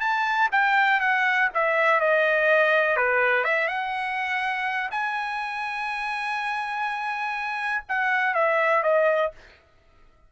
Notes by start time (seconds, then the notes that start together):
0.00 A5
0.52 G5
1.00 F#5
1.54 E5
2.00 D#5
2.96 B4
3.44 E5
3.68 F#5
4.91 G#5
7.89 F#5
8.34 E5
8.83 D#5